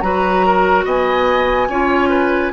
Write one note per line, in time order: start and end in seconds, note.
0.00 0.85 F#3
0.00 1.68 F#4
0.00 0.45 B4
0.00 0.83 A#5
0.45 0.84 A#4
0.84 1.68 B3
0.84 1.68 D#5
0.84 2.52 G#5
1.68 2.51 C#4
1.68 2.52 F4
1.68 2.09 C#5
2.09 2.51 B4